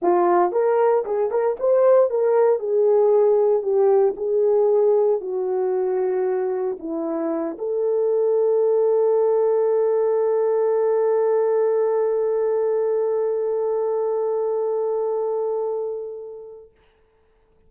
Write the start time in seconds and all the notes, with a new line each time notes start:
0.02 F4
0.52 A#4
1.05 G#4
1.30 A#4
1.59 C5
2.10 A#4
2.59 G#4
3.62 G4
4.16 G#4
5.20 F#4
6.79 E4
7.58 A4